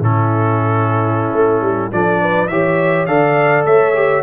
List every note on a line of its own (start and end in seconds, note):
0.00 1.31 A2
0.00 1.91 C#4
0.00 1.94 E4
0.00 1.92 A4
1.33 1.61 A3
1.61 1.90 G3
1.92 2.49 F3
1.92 2.50 D4
1.92 2.21 A4
1.92 2.48 D5
2.21 2.50 B4
2.48 3.07 E3
2.48 3.08 G4
2.48 3.08 C#5
2.48 3.06 E5
3.06 3.65 D3
3.06 3.94 A4
3.06 3.66 D5
3.06 3.64 F5
3.65 4.23 A3
3.65 4.23 C#5
3.65 4.23 E5
3.94 4.23 G4